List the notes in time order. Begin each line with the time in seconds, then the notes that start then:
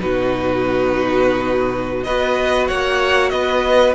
0.00 B2 D#4 F#4 B4
2.04 B3 F#4 B4 D#5
2.68 A#3 C#5 F#5
3.30 B3 B4 D#5